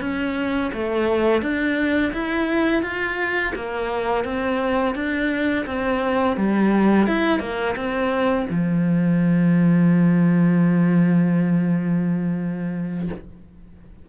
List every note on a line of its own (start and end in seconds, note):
0.00 0.71 C#4
0.73 1.41 A3
1.41 2.12 D4
2.12 2.82 E4
2.82 3.53 F4
3.55 4.24 A#3
4.24 4.94 C4
4.94 5.65 D4
5.66 6.36 C4
6.37 7.06 G3
7.06 7.39 E4
7.39 7.75 A#3
7.76 8.46 C4
8.50 13.08 F3